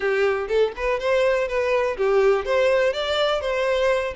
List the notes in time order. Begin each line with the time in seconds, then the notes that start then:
0.00 G4
0.47 A4
0.76 B4
0.99 C5
1.48 B4
1.97 G4
2.45 C5
2.93 D5
3.40 C5